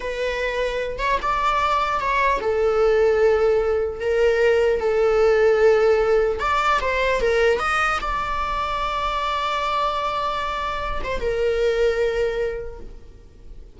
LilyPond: \new Staff \with { instrumentName = "viola" } { \time 4/4 \tempo 4 = 150 b'2~ b'8 cis''8 d''4~ | d''4 cis''4 a'2~ | a'2 ais'2 | a'1 |
d''4 c''4 ais'4 dis''4 | d''1~ | d''2.~ d''8 c''8 | ais'1 | }